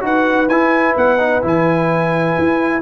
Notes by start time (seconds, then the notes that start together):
0.00 D#4 F#4 B4 F#5
0.48 E4 G#5
0.96 B3 F#5
1.18 D#4
1.41 E3 E4 G#5
2.38 E4